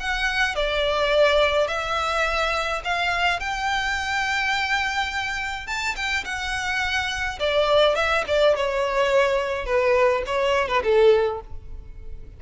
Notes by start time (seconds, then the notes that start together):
0.00 F#5
0.55 D5
1.68 E5
2.84 F5
3.40 G5
5.67 A5
5.96 G5
6.25 F#5
7.39 D5
7.96 E5
8.27 D5
8.56 C#5
9.66 B4
10.26 C#5
10.68 B4
10.83 A4